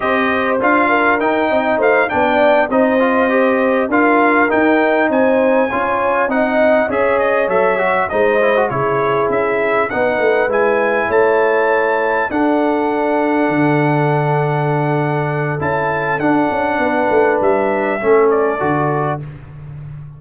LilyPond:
<<
  \new Staff \with { instrumentName = "trumpet" } { \time 4/4 \tempo 4 = 100 dis''4 f''4 g''4 f''8 g''8~ | g''8 dis''2 f''4 g''8~ | g''8 gis''2 fis''4 e''8 | dis''8 e''4 dis''4 cis''4 e''8~ |
e''8 fis''4 gis''4 a''4.~ | a''8 fis''2.~ fis''8~ | fis''2 a''4 fis''4~ | fis''4 e''4. d''4. | }
  \new Staff \with { instrumentName = "horn" } { \time 4/4 c''4. ais'4 dis''8 c''8 d''8~ | d''8 c''2 ais'4.~ | ais'8 c''4 cis''4 dis''4 cis''8~ | cis''4. c''4 gis'4.~ |
gis'8 b'2 cis''4.~ | cis''8 a'2.~ a'8~ | a'1 | b'2 a'2 | }
  \new Staff \with { instrumentName = "trombone" } { \time 4/4 g'4 f'4 dis'4. d'8~ | d'8 dis'8 f'8 g'4 f'4 dis'8~ | dis'4. f'4 dis'4 gis'8~ | gis'8 a'8 fis'8 dis'8 e'16 fis'16 e'4.~ |
e'8 dis'4 e'2~ e'8~ | e'8 d'2.~ d'8~ | d'2 e'4 d'4~ | d'2 cis'4 fis'4 | }
  \new Staff \with { instrumentName = "tuba" } { \time 4/4 c'4 d'4 dis'8 c'8 a8 b8~ | b8 c'2 d'4 dis'8~ | dis'8 c'4 cis'4 c'4 cis'8~ | cis'8 fis4 gis4 cis4 cis'8~ |
cis'8 b8 a8 gis4 a4.~ | a8 d'2 d4.~ | d2 cis'4 d'8 cis'8 | b8 a8 g4 a4 d4 | }
>>